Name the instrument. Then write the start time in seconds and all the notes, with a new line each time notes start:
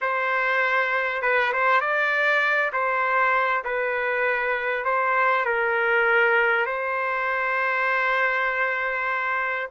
trumpet
0.01 C5
1.22 B4
1.52 C5
1.80 D5
2.72 C5
3.64 B4
4.85 C5
5.45 A#4
6.66 C5